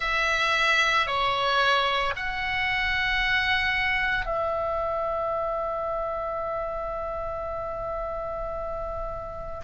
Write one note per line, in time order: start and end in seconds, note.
0.00 1.06 E5
1.07 2.14 C#5
2.16 4.25 F#5
4.25 9.61 E5